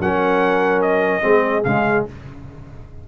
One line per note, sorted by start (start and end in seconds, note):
0.00 1.22 F#3
0.00 1.21 C#4
0.00 1.24 A#4
0.00 0.82 F#5
0.82 1.64 D#5
1.21 1.64 G#3
1.21 1.62 C4
1.21 2.08 G#4
1.64 2.06 C#3
1.64 2.08 G#3
1.64 2.05 F5